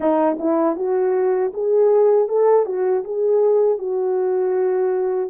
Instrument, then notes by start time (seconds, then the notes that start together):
horn
0.00 D#4
0.39 E4
0.76 F#4
1.53 G#4
2.28 A4
2.65 F#4
3.04 G#4
3.78 F#4